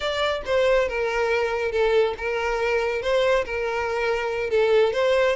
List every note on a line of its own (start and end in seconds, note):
0.00 0.42 D5
0.45 0.88 C5
0.88 1.71 A#4
1.71 2.14 A4
2.17 3.02 A#4
3.02 3.44 C5
3.45 4.49 A#4
4.49 4.92 A4
4.93 5.36 C5